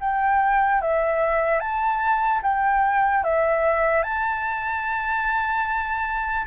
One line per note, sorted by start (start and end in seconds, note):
0.00 0.81 G5
0.81 1.59 E5
1.59 2.40 A5
2.42 3.23 G5
3.24 4.02 E5
4.02 6.45 A5